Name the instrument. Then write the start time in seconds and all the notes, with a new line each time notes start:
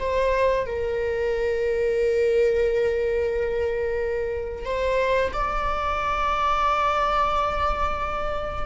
viola
0.00 C5
0.66 A#4
4.65 C5
5.34 D5